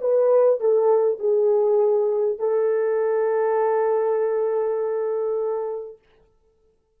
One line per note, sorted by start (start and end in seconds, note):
0.00 0.60 B4
0.60 1.19 A4
1.19 2.38 G#4
2.38 5.98 A4